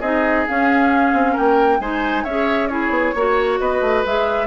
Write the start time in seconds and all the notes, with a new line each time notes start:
0.00 C4 D#4 G#4 D#5
0.47 C#4 F5
1.13 C4
1.33 A#3 A#4 G5
1.79 G#3 D#4 C5 G#5
2.24 C#4 G#4 C#5 E5
2.68 E4 G#4 C#5
2.89 B3
3.15 A#3 F#4 C#5
3.59 B3 B4 D#5
3.81 A3
4.05 G#3 G#4 E5